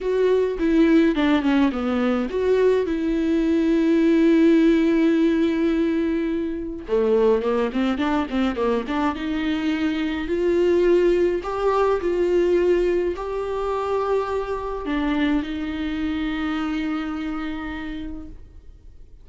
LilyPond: \new Staff \with { instrumentName = "viola" } { \time 4/4 \tempo 4 = 105 fis'4 e'4 d'8 cis'8 b4 | fis'4 e'2.~ | e'1 | a4 ais8 c'8 d'8 c'8 ais8 d'8 |
dis'2 f'2 | g'4 f'2 g'4~ | g'2 d'4 dis'4~ | dis'1 | }